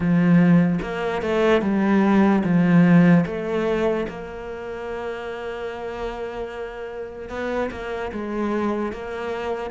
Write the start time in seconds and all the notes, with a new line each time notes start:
0.00 F3
0.82 A#3
1.22 A3
1.61 G3
2.43 F3
3.25 A3
4.08 A#3
7.29 B3
7.71 A#3
8.12 G#3
8.92 A#3